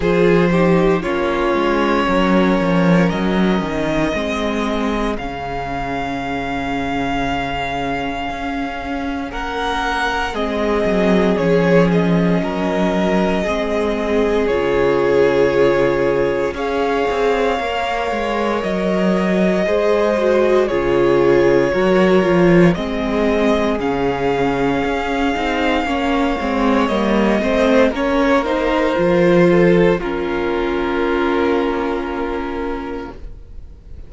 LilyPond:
<<
  \new Staff \with { instrumentName = "violin" } { \time 4/4 \tempo 4 = 58 c''4 cis''2 dis''4~ | dis''4 f''2.~ | f''4 fis''4 dis''4 cis''8 dis''8~ | dis''2 cis''2 |
f''2 dis''2 | cis''2 dis''4 f''4~ | f''2 dis''4 cis''8 c''8~ | c''4 ais'2. | }
  \new Staff \with { instrumentName = "violin" } { \time 4/4 gis'8 g'8 f'4 ais'2 | gis'1~ | gis'4 ais'4 gis'2 | ais'4 gis'2. |
cis''2. c''4 | gis'4 ais'4 gis'2~ | gis'4 cis''4. c''8 ais'4~ | ais'8 a'8 f'2. | }
  \new Staff \with { instrumentName = "viola" } { \time 4/4 f'8 dis'8 cis'2. | c'4 cis'2.~ | cis'2 c'4 cis'4~ | cis'4 c'4 f'2 |
gis'4 ais'2 gis'8 fis'8 | f'4 fis'8 f'8 c'4 cis'4~ | cis'8 dis'8 cis'8 c'8 ais8 c'8 cis'8 dis'8 | f'4 cis'2. | }
  \new Staff \with { instrumentName = "cello" } { \time 4/4 f4 ais8 gis8 fis8 f8 fis8 dis8 | gis4 cis2. | cis'4 ais4 gis8 fis8 f4 | fis4 gis4 cis2 |
cis'8 c'8 ais8 gis8 fis4 gis4 | cis4 fis8 f8 gis4 cis4 | cis'8 c'8 ais8 gis8 g8 a8 ais4 | f4 ais2. | }
>>